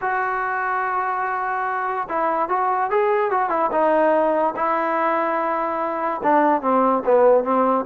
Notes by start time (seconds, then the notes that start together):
0.01 F#4
2.08 E4
2.48 F#4
2.90 G#4
3.30 F#4
3.49 E4
3.71 D#4
4.55 E4
6.23 D4
6.61 C4
7.05 B3
7.44 C4